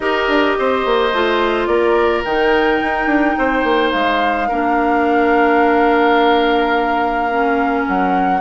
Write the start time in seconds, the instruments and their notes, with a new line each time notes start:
0.00 bassoon D#4, clarinet G4, oboe A#4, flute D#5
0.27 bassoon D4
0.58 bassoon C4, oboe C5
0.85 bassoon A#3
1.12 bassoon A3, clarinet F4
1.66 bassoon A#3, oboe A#4, flute D5
2.24 bassoon D#3, clarinet D#4, flute G5
2.81 bassoon D#4
3.06 bassoon D4
3.38 bassoon C4, oboe C5
3.63 bassoon A#3
3.91 bassoon G#3, flute F5
4.48 bassoon A#3, clarinet D4, oboe A#4
7.30 clarinet C#4
7.86 bassoon F#3, flute F#5